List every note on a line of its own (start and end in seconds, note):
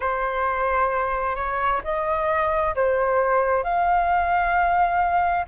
0.00 1.35 C5
1.35 1.81 C#5
1.83 2.74 D#5
2.75 3.63 C5
3.63 5.45 F5